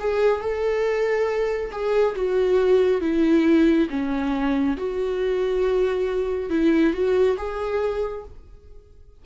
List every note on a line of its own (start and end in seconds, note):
0.00 0.41 G#4
0.41 1.71 A4
1.72 2.15 G#4
2.15 3.01 F#4
3.01 3.88 E4
3.90 4.77 C#4
4.77 6.50 F#4
6.50 6.93 E4
6.93 7.37 F#4
7.37 8.24 G#4